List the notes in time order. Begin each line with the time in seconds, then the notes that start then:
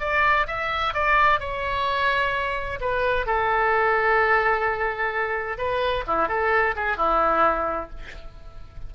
0.00 D5
0.47 E5
0.94 D5
1.40 C#5
2.81 B4
3.27 A4
5.58 B4
6.07 E4
6.29 A4
6.76 G#4
6.97 E4